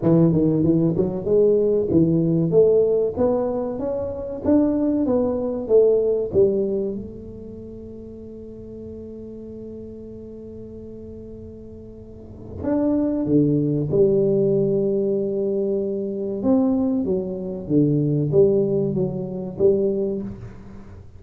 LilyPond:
\new Staff \with { instrumentName = "tuba" } { \time 4/4 \tempo 4 = 95 e8 dis8 e8 fis8 gis4 e4 | a4 b4 cis'4 d'4 | b4 a4 g4 a4~ | a1~ |
a1 | d'4 d4 g2~ | g2 c'4 fis4 | d4 g4 fis4 g4 | }